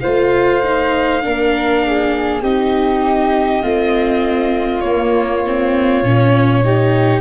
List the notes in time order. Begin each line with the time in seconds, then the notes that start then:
0.00 A3 F4 C5 F5
0.63 D#4
1.22 A#3 D4 A#4
1.85 G#4
2.42 C4 D#4 G4 D#5
3.62 A3 C4 F4
4.81 A#3 C#5
5.47 C4
6.03 A#2 C#4
6.64 D#4 G4